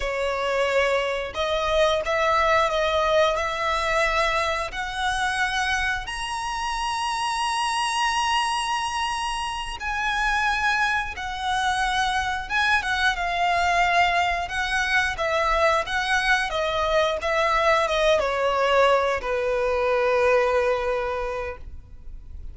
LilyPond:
\new Staff \with { instrumentName = "violin" } { \time 4/4 \tempo 4 = 89 cis''2 dis''4 e''4 | dis''4 e''2 fis''4~ | fis''4 ais''2.~ | ais''2~ ais''8 gis''4.~ |
gis''8 fis''2 gis''8 fis''8 f''8~ | f''4. fis''4 e''4 fis''8~ | fis''8 dis''4 e''4 dis''8 cis''4~ | cis''8 b'2.~ b'8 | }